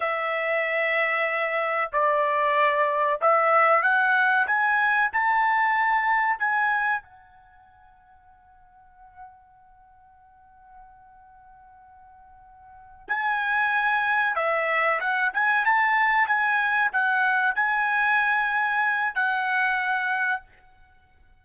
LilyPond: \new Staff \with { instrumentName = "trumpet" } { \time 4/4 \tempo 4 = 94 e''2. d''4~ | d''4 e''4 fis''4 gis''4 | a''2 gis''4 fis''4~ | fis''1~ |
fis''1~ | fis''8 gis''2 e''4 fis''8 | gis''8 a''4 gis''4 fis''4 gis''8~ | gis''2 fis''2 | }